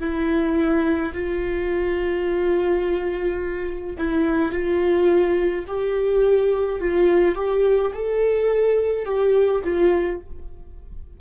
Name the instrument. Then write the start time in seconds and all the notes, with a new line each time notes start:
viola
0.00 E4
1.14 F4
3.98 E4
4.52 F4
5.68 G4
6.81 F4
7.36 G4
7.94 A4
9.06 G4
9.64 F4